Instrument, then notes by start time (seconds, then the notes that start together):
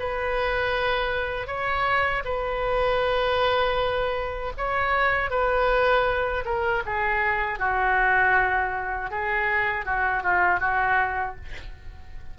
oboe
0.00 B4
1.47 C#5
2.25 B4
4.58 C#5
5.31 B4
6.45 A#4
6.86 G#4
7.59 F#4
9.11 G#4
9.86 F#4
10.23 F4
10.60 F#4